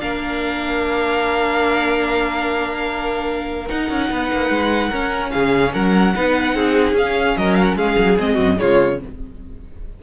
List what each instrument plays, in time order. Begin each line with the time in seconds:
0.00 cello A#3, viola D4, violin A#4 F5
3.69 viola D#4, cello D#4, violin F#5
3.90 cello C#4
4.10 cello B3, violin B4
4.33 cello A#3
4.50 cello G#3
4.90 viola C#4, cello C#4, violin A#4
5.32 cello C#3, violin G#4 F5
5.74 cello F#3, violin A#4 F#5
6.15 cello B3, viola D#4, violin B4
6.55 cello C4, violin G#4
6.93 cello C#4, viola C#4, violin F5
7.38 cello F#3, violin A#4 D#5
7.55 violin F5
7.64 violin F#5
7.76 cello G#3, violin G#4 F5
7.99 cello F#3
8.19 cello G#3, viola C4, violin D#5
8.35 cello F#2, violin F#4
8.58 cello C#3, viola G#3, violin F4 C#5